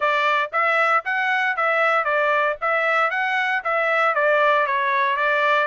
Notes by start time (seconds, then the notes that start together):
0.00 D5
0.52 E5
1.05 F#5
1.56 E5
2.04 D5
2.61 E5
3.10 F#5
3.63 E5
4.14 D5
4.66 C#5
5.16 D5